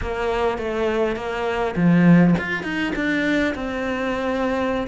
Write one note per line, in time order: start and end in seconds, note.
0.01 0.57 A#3
0.57 1.16 A3
1.16 1.74 A#3
1.76 2.34 F3
2.38 2.63 F4
2.63 2.92 D#4
2.95 3.54 D4
3.55 4.87 C4